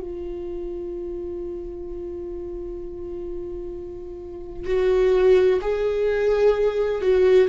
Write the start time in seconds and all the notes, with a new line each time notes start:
0.00 F4
4.66 F#4
5.61 G#4
7.01 F#4